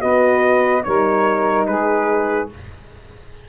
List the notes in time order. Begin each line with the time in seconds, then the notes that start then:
0.00 B3 F#4 B4 D#5
0.84 G3 D#4 A#4 C#5
1.67 G#3 G#4 B4